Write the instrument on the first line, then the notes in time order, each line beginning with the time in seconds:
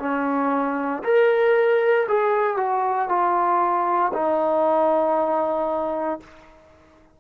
trombone
0.00 C#4
1.04 A#4
2.08 G#4
2.57 F#4
3.09 F4
4.14 D#4